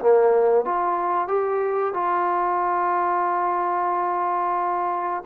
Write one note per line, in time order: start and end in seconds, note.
0.00 0.65 A#3
0.65 1.28 F4
1.28 1.94 G4
1.94 5.24 F4